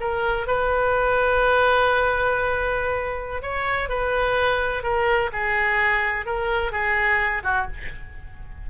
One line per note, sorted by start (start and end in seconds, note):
0.00 0.47 A#4
0.47 3.42 B4
3.42 3.89 C#5
3.89 4.83 B4
4.83 5.30 A#4
5.32 6.25 G#4
6.25 6.72 A#4
6.72 7.42 G#4
7.43 7.67 F#4